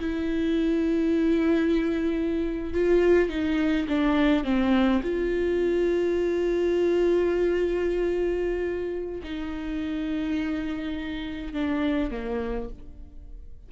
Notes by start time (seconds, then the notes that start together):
0.00 E4
2.74 F4
3.29 D#4
3.89 D4
4.44 C4
5.04 F4
9.24 D#4
11.54 D4
12.11 A#3